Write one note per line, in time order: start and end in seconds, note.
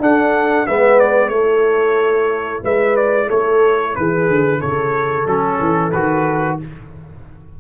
0.00 0.66 D4
0.00 0.67 D4
0.00 0.68 A4
0.00 0.67 F#5
0.67 1.28 G#3
0.67 1.32 B3
0.67 1.33 B4
0.67 1.00 E5
1.00 1.29 D5
1.28 2.60 A3
1.28 5.27 E4
1.28 2.64 A4
1.28 2.61 C#5
2.64 3.30 G#3
2.64 3.28 B4
2.64 2.97 E5
2.97 3.30 D5
3.28 3.96 A3
3.28 3.94 A4
3.28 3.96 C#5
3.96 4.29 E3
3.96 4.60 G#4
3.96 4.61 B4
4.29 4.62 D3
4.60 5.27 C#3
4.60 6.58 A4
4.60 5.27 C#5
5.27 5.59 F#3
5.27 5.93 C#4
5.27 5.92 A4
5.60 5.93 E3
5.92 6.60 D#3
5.92 6.61 F#4
5.92 6.58 B4